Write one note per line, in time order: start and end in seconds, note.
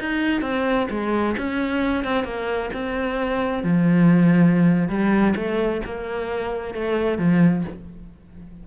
0.00 0.41 D#4
0.41 0.87 C4
0.90 1.36 G#3
1.37 2.04 C#4
2.04 2.24 C4
2.24 2.70 A#3
2.74 3.63 C4
3.63 4.88 F3
4.88 5.34 G3
5.36 5.81 A3
5.85 6.74 A#3
6.74 7.18 A3
7.18 7.64 F3